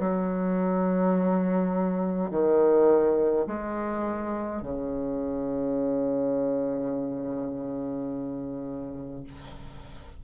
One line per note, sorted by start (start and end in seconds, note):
0.00 2.31 F#3
2.31 3.46 D#3
3.47 4.63 G#3
4.63 9.24 C#3